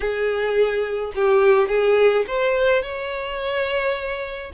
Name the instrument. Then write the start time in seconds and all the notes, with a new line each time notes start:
violin
0.00 G#4
1.15 G4
1.68 G#4
2.27 C5
2.82 C#5